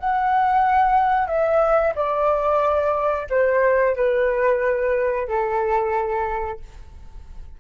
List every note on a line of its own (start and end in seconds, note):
0.00 1.28 F#5
1.28 1.94 E5
1.96 3.28 D5
3.30 3.96 C5
3.96 5.28 B4
5.28 6.60 A4